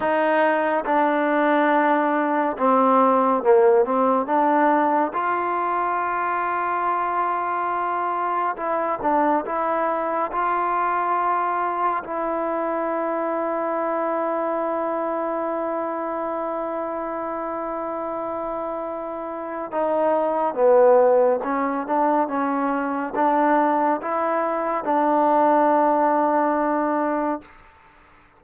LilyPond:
\new Staff \with { instrumentName = "trombone" } { \time 4/4 \tempo 4 = 70 dis'4 d'2 c'4 | ais8 c'8 d'4 f'2~ | f'2 e'8 d'8 e'4 | f'2 e'2~ |
e'1~ | e'2. dis'4 | b4 cis'8 d'8 cis'4 d'4 | e'4 d'2. | }